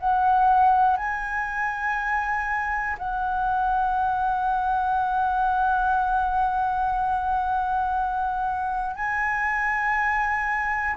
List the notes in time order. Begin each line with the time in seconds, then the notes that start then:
0.00 F#5
0.97 G#5
2.99 F#5
8.96 G#5